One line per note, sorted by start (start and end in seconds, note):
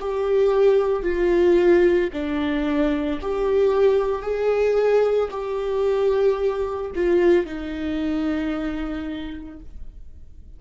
0.00 1.03 G4
1.03 2.10 F4
2.13 3.20 D4
3.21 4.22 G4
4.22 5.29 G#4
5.30 6.91 G4
6.95 7.46 F4
7.46 9.60 D#4